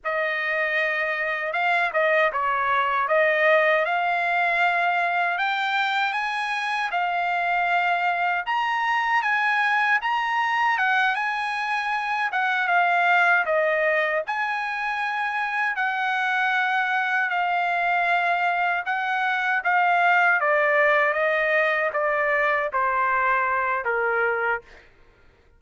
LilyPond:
\new Staff \with { instrumentName = "trumpet" } { \time 4/4 \tempo 4 = 78 dis''2 f''8 dis''8 cis''4 | dis''4 f''2 g''4 | gis''4 f''2 ais''4 | gis''4 ais''4 fis''8 gis''4. |
fis''8 f''4 dis''4 gis''4.~ | gis''8 fis''2 f''4.~ | f''8 fis''4 f''4 d''4 dis''8~ | dis''8 d''4 c''4. ais'4 | }